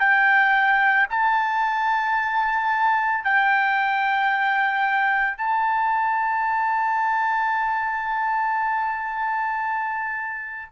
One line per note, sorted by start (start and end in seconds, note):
0.00 1.07 G5
1.10 3.24 A5
3.24 5.38 G5
5.38 10.72 A5